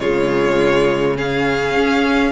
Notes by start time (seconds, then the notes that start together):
0.00 C#3 G#3 F4 C#5
1.17 C#4 G#4 F5
1.77 C#4